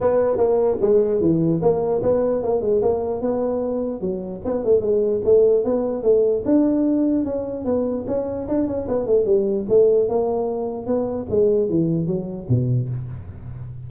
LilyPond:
\new Staff \with { instrumentName = "tuba" } { \time 4/4 \tempo 4 = 149 b4 ais4 gis4 e4 | ais4 b4 ais8 gis8 ais4 | b2 fis4 b8 a8 | gis4 a4 b4 a4 |
d'2 cis'4 b4 | cis'4 d'8 cis'8 b8 a8 g4 | a4 ais2 b4 | gis4 e4 fis4 b,4 | }